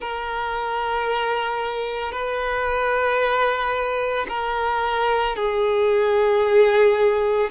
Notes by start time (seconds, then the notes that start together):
0.00 A#4
2.12 B4
4.29 A#4
5.36 G#4